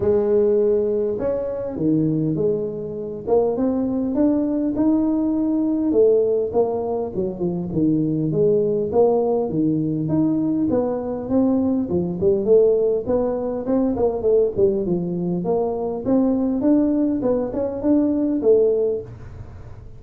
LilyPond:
\new Staff \with { instrumentName = "tuba" } { \time 4/4 \tempo 4 = 101 gis2 cis'4 dis4 | gis4. ais8 c'4 d'4 | dis'2 a4 ais4 | fis8 f8 dis4 gis4 ais4 |
dis4 dis'4 b4 c'4 | f8 g8 a4 b4 c'8 ais8 | a8 g8 f4 ais4 c'4 | d'4 b8 cis'8 d'4 a4 | }